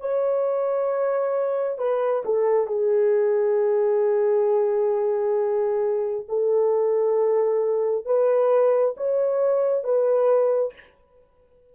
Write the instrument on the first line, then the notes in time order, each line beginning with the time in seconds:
horn
0.00 C#5
1.77 B4
2.24 A4
2.67 G#4
6.28 A4
8.05 B4
8.96 C#5
9.83 B4